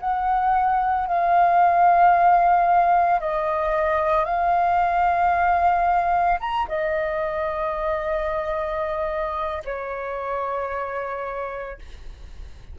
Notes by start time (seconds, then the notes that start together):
0.00 F#5
1.07 F5
3.20 D#5
4.24 F5
6.39 A#5
6.68 D#5
9.64 C#5